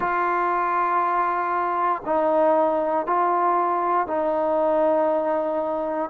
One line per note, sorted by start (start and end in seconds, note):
0.00 2.02 F4
2.05 3.06 D#4
3.06 4.07 F4
4.07 6.10 D#4